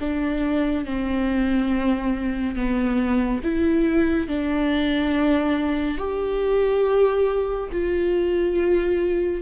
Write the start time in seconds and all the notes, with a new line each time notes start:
0.00 D4
0.85 C4
2.56 B3
3.44 E4
4.28 D4
5.98 G4
7.72 F4